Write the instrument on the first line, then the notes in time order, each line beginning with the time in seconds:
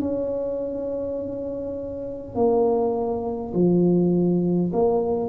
tuba
0.00 C#4
2.35 A#3
3.53 F3
4.72 A#3